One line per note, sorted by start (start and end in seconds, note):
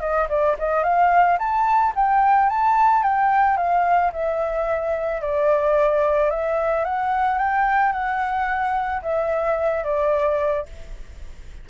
0.00 0.27 D#5
0.29 0.56 D5
0.58 0.83 D#5
0.83 1.38 F5
1.38 1.93 A5
1.95 2.49 G5
2.49 3.03 A5
3.03 3.57 G5
3.57 4.11 F5
4.12 5.21 E5
5.21 6.30 D5
6.30 6.84 E5
6.84 7.38 F#5
7.38 7.92 G5
7.92 9.01 F#5
9.02 9.84 E5
9.84 10.65 D5